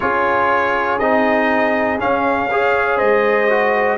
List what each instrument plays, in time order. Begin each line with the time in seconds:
0.00 tuba C#4, trombone F4, horn G#4, trumpet C#5
0.99 tuba C4, trombone D#4, trumpet D#5
1.99 trombone C#4, tuba C#4, trumpet F5
2.50 trombone G#4, horn C#5
2.96 tuba G#3, horn C5, trumpet D#5
3.50 trombone F#4